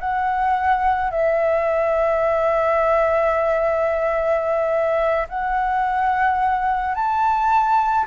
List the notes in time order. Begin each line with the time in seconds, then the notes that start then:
0.00 F#5
1.11 E5
5.29 F#5
6.95 A5